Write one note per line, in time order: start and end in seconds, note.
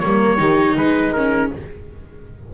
0.00 0.39 G3
0.00 0.38 A#3
0.00 0.39 A#4
0.00 0.75 C#5
0.38 0.76 D#3
0.38 1.13 D#4
0.38 0.76 G4
0.76 1.51 G#3
0.76 1.53 D#4
0.76 1.13 B4
1.13 1.54 C#4
1.13 1.50 A#4